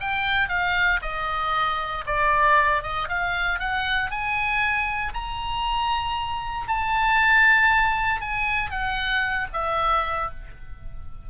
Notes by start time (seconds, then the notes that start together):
0.00 G5
0.48 F5
1.02 D#5
2.06 D5
2.82 D#5
3.08 F5
3.59 F#5
4.10 G#5
5.14 A#5
6.67 A5
8.21 G#5
8.70 F#5
9.53 E5